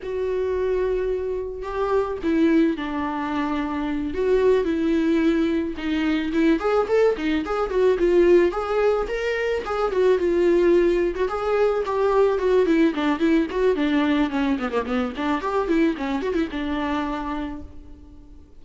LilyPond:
\new Staff \with { instrumentName = "viola" } { \time 4/4 \tempo 4 = 109 fis'2. g'4 | e'4 d'2~ d'8 fis'8~ | fis'8 e'2 dis'4 e'8 | gis'8 a'8 dis'8 gis'8 fis'8 f'4 gis'8~ |
gis'8 ais'4 gis'8 fis'8 f'4.~ | f'16 fis'16 gis'4 g'4 fis'8 e'8 d'8 | e'8 fis'8 d'4 cis'8 b16 ais16 b8 d'8 | g'8 e'8 cis'8 fis'16 e'16 d'2 | }